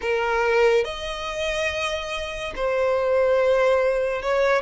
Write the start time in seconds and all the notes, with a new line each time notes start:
0.01 A#4
0.84 D#5
2.55 C5
4.22 C#5